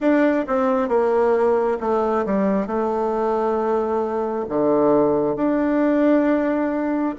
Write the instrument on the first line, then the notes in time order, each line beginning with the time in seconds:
bassoon
0.00 D4
0.47 C4
0.88 A#3
1.80 A3
2.26 G3
2.66 A3
4.48 D3
5.36 D4